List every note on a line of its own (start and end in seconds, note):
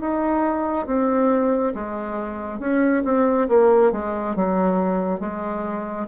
0.00 0.87 D#4
0.87 1.74 C4
1.74 2.60 G#3
2.60 3.03 C#4
3.04 3.48 C4
3.49 3.92 A#3
3.92 4.36 G#3
4.36 5.20 F#3
5.20 6.07 G#3